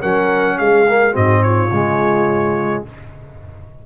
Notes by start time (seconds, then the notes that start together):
0.00 F#3 C#4 A#4 F#5
0.58 G#3 G#4 F5
0.88 A#3
1.12 G#2 C4 F#4 D#5
1.43 F4 C#5
1.71 C#3 G#3